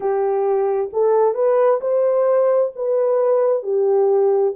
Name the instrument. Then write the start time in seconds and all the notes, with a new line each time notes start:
horn
0.00 G4
0.92 A4
1.34 B4
1.81 C5
2.75 B4
3.62 G4